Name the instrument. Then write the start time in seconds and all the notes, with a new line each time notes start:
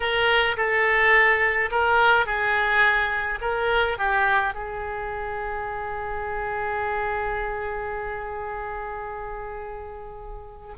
oboe
0.00 A#4
0.56 A4
1.71 A#4
2.25 G#4
3.41 A#4
3.98 G4
4.53 G#4